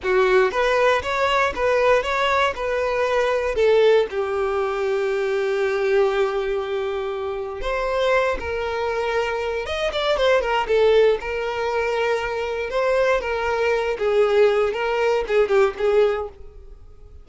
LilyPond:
\new Staff \with { instrumentName = "violin" } { \time 4/4 \tempo 4 = 118 fis'4 b'4 cis''4 b'4 | cis''4 b'2 a'4 | g'1~ | g'2. c''4~ |
c''8 ais'2~ ais'8 dis''8 d''8 | c''8 ais'8 a'4 ais'2~ | ais'4 c''4 ais'4. gis'8~ | gis'4 ais'4 gis'8 g'8 gis'4 | }